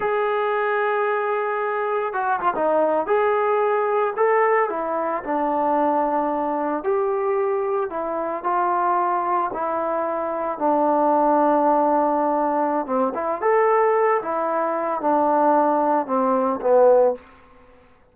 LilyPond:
\new Staff \with { instrumentName = "trombone" } { \time 4/4 \tempo 4 = 112 gis'1 | fis'8 f'16 dis'4 gis'2 a'16~ | a'8. e'4 d'2~ d'16~ | d'8. g'2 e'4 f'16~ |
f'4.~ f'16 e'2 d'16~ | d'1 | c'8 e'8 a'4. e'4. | d'2 c'4 b4 | }